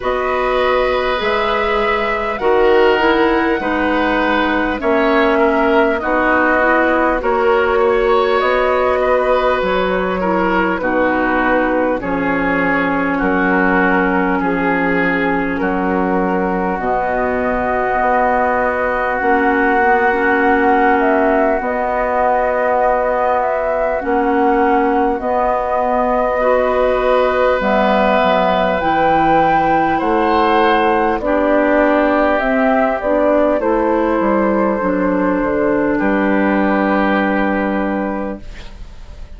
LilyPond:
<<
  \new Staff \with { instrumentName = "flute" } { \time 4/4 \tempo 4 = 50 dis''4 e''4 fis''2 | e''4 dis''4 cis''4 dis''4 | cis''4 b'4 cis''4 ais'4 | gis'4 ais'4 dis''2 |
fis''4. e''8 dis''4. e''8 | fis''4 dis''2 e''4 | g''4 fis''4 d''4 e''8 d''8 | c''2 b'2 | }
  \new Staff \with { instrumentName = "oboe" } { \time 4/4 b'2 ais'4 b'4 | cis''8 ais'8 fis'4 ais'8 cis''4 b'8~ | b'8 ais'8 fis'4 gis'4 fis'4 | gis'4 fis'2.~ |
fis'1~ | fis'2 b'2~ | b'4 c''4 g'2 | a'2 g'2 | }
  \new Staff \with { instrumentName = "clarinet" } { \time 4/4 fis'4 gis'4 fis'8 e'8 dis'4 | cis'4 dis'8 e'8 fis'2~ | fis'8 e'8 dis'4 cis'2~ | cis'2 b2 |
cis'8 b16 cis'4~ cis'16 b2 | cis'4 b4 fis'4 b4 | e'2 d'4 c'8 d'8 | e'4 d'2. | }
  \new Staff \with { instrumentName = "bassoon" } { \time 4/4 b4 gis4 dis4 gis4 | ais4 b4 ais4 b4 | fis4 b,4 f4 fis4 | f4 fis4 b,4 b4 |
ais2 b2 | ais4 b2 g8 fis8 | e4 a4 b4 c'8 b8 | a8 g8 fis8 d8 g2 | }
>>